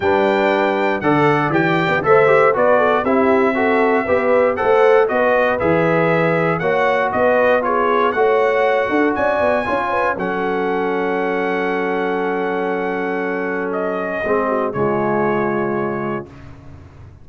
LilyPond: <<
  \new Staff \with { instrumentName = "trumpet" } { \time 4/4 \tempo 4 = 118 g''2 fis''4 g''4 | e''4 d''4 e''2~ | e''4 fis''4 dis''4 e''4~ | e''4 fis''4 dis''4 cis''4 |
fis''2 gis''2 | fis''1~ | fis''2. dis''4~ | dis''4 cis''2. | }
  \new Staff \with { instrumentName = "horn" } { \time 4/4 b'2 d''2 | c''4 b'8 a'8 g'4 a'4 | b'4 c''4 b'2~ | b'4 cis''4 b'4 gis'4 |
cis''4. a'8 d''4 cis''8 b'8 | a'1~ | a'1 | gis'8 fis'8 f'2. | }
  \new Staff \with { instrumentName = "trombone" } { \time 4/4 d'2 a'4 g'4 | a'8 g'8 fis'4 e'4 fis'4 | g'4 a'4 fis'4 gis'4~ | gis'4 fis'2 f'4 |
fis'2. f'4 | cis'1~ | cis'1 | c'4 gis2. | }
  \new Staff \with { instrumentName = "tuba" } { \time 4/4 g2 d4 e8. b16 | a4 b4 c'2 | b4 a4 b4 e4~ | e4 ais4 b2 |
a4. d'8 cis'8 b8 cis'4 | fis1~ | fis1 | gis4 cis2. | }
>>